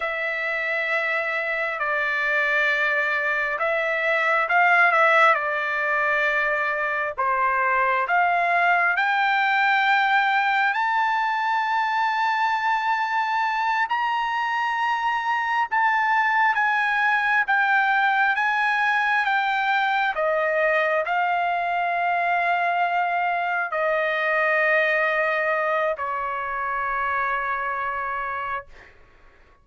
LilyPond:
\new Staff \with { instrumentName = "trumpet" } { \time 4/4 \tempo 4 = 67 e''2 d''2 | e''4 f''8 e''8 d''2 | c''4 f''4 g''2 | a''2.~ a''8 ais''8~ |
ais''4. a''4 gis''4 g''8~ | g''8 gis''4 g''4 dis''4 f''8~ | f''2~ f''8 dis''4.~ | dis''4 cis''2. | }